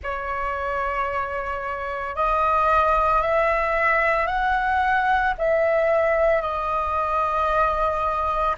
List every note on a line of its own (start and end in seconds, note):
0.03 2.15 C#5
2.15 3.21 D#5
3.21 4.27 E5
4.27 5.34 F#5
5.38 6.41 E5
6.41 8.55 D#5